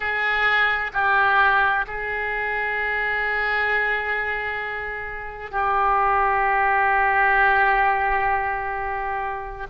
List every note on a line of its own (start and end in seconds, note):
0.00 0.91 G#4
0.93 1.85 G4
1.87 5.51 G#4
5.51 9.66 G4